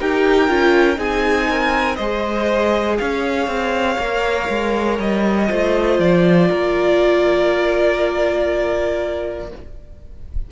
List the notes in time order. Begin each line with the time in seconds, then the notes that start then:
0.00 D#4 G4 A#4 G5
0.49 C#4 F4
0.96 C4 D#4 G#4 G#5
1.49 A#4
1.96 G#3 G#4 C5 D#5
2.98 C#4 C#5 F5
3.47 C4
3.99 A#3 A#4
4.49 G#3
4.99 G3 D#5
5.47 A3 F4 C5
5.99 F3 D5
6.49 A#3 A#4